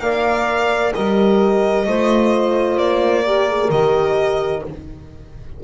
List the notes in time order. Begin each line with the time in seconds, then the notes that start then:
0.00 A#3 A#4 D5 F5
0.94 G3 G4 A#4 D#5
1.86 A3 F4 C5
2.77 A#3 D5
3.25 G4 A#4
3.48 G#4
3.70 D#3 G4 D#5